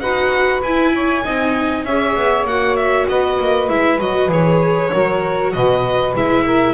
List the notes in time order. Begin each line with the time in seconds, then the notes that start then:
0.00 D#4 F#4 B4 F#5
0.63 E4 G#5
0.94 C#5
1.24 C4 D#4 D#5
1.84 C#4 G#4 C#5 E5
2.15 B3
2.45 A#3 F#4 F#5
2.76 E5
3.08 B3 B4 D#5
3.40 A#3
3.69 G#3 E4 E5
3.99 F#3 F#4 D#5
4.29 E3 G#4 C#5
4.91 F#3 F#4 A#4
5.53 B2 B4 D#5
6.14 G#3 E4 E5
6.45 A#4